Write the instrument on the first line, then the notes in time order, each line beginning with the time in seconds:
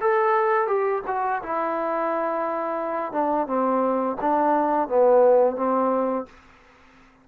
trombone
0.00 A4
0.67 G4
1.07 F#4
1.42 E4
3.12 D4
3.47 C4
4.21 D4
4.88 B3
5.56 C4